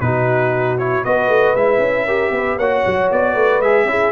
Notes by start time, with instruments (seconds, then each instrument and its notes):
0.00 tuba B2, trombone D#4, horn F#4, trumpet B4
0.78 trombone E4, trumpet C#5
1.04 tuba B3, trombone F#4, horn B4, trumpet D#5
1.28 tuba A3
1.55 tuba G#3, trombone E4, trumpet E5
1.78 tuba C#4
2.06 trombone G4, horn A#4
2.30 tuba B3, horn B4
2.56 tuba A#3, trombone F#4, horn C#5, trumpet F#5
2.86 tuba F#3
3.10 tuba B3, trumpet D5
3.33 tuba A3, horn B4
3.59 tuba G#3, trombone G#4, trumpet E5
3.84 tuba C#4, trombone E4, horn G#4